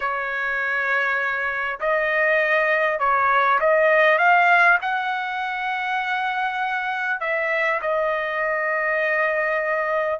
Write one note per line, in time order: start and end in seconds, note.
0.00 1.79 C#5
1.79 2.99 D#5
2.99 3.59 C#5
3.60 4.18 D#5
4.18 4.78 F5
4.81 7.20 F#5
7.20 7.80 E5
7.81 10.19 D#5